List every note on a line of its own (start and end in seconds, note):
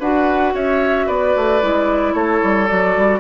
0.00 0.54 D4
0.00 1.62 F#4
0.00 0.54 B4
0.00 0.55 F#5
0.54 1.07 C#4
0.54 1.07 C#5
0.54 1.08 E5
1.07 1.35 B3
1.07 2.14 B4
1.07 2.14 D5
1.36 1.63 A3
1.62 2.14 G#3
1.62 2.68 E4
2.14 2.41 A3
2.14 3.20 A4
2.14 2.67 C#5
2.43 2.70 G3
2.67 2.97 F#3
2.67 3.20 F#4
2.67 3.20 D5
2.97 3.20 G3